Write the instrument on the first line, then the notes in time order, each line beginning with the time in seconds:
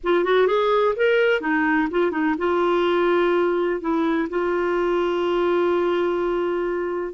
clarinet
0.03 F4
0.24 F#4
0.47 G#4
0.95 A#4
1.40 D#4
1.90 F4
2.11 D#4
2.38 F4
3.80 E4
4.29 F4